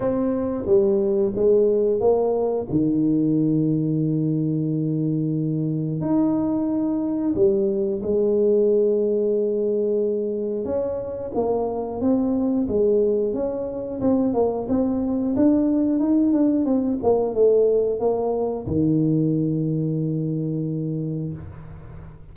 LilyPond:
\new Staff \with { instrumentName = "tuba" } { \time 4/4 \tempo 4 = 90 c'4 g4 gis4 ais4 | dis1~ | dis4 dis'2 g4 | gis1 |
cis'4 ais4 c'4 gis4 | cis'4 c'8 ais8 c'4 d'4 | dis'8 d'8 c'8 ais8 a4 ais4 | dis1 | }